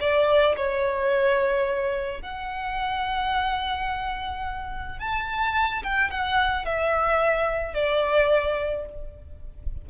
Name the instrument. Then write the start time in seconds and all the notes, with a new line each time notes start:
violin
0.00 D5
0.56 C#5
2.22 F#5
4.99 A5
5.83 G5
6.10 F#5
6.65 E5
7.74 D5